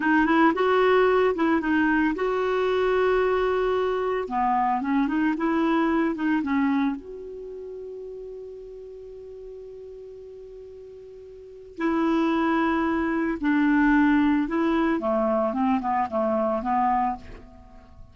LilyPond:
\new Staff \with { instrumentName = "clarinet" } { \time 4/4 \tempo 4 = 112 dis'8 e'8 fis'4. e'8 dis'4 | fis'1 | b4 cis'8 dis'8 e'4. dis'8 | cis'4 fis'2.~ |
fis'1~ | fis'2 e'2~ | e'4 d'2 e'4 | a4 c'8 b8 a4 b4 | }